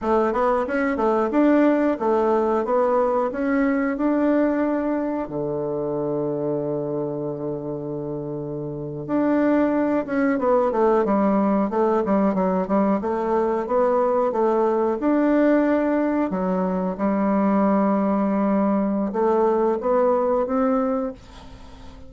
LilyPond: \new Staff \with { instrumentName = "bassoon" } { \time 4/4 \tempo 4 = 91 a8 b8 cis'8 a8 d'4 a4 | b4 cis'4 d'2 | d1~ | d4.~ d16 d'4. cis'8 b16~ |
b16 a8 g4 a8 g8 fis8 g8 a16~ | a8. b4 a4 d'4~ d'16~ | d'8. fis4 g2~ g16~ | g4 a4 b4 c'4 | }